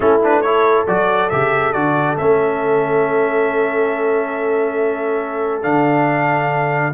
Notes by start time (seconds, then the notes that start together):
0.00 A3 C#4 E4 A4
0.23 D4 B4
0.41 E4 A4 C#5
0.87 F#3 F#4 D5
1.29 C#3 G4 E5
1.72 D3 F#4 D5
2.17 A3 C#4 E5
5.62 D3 D4 F5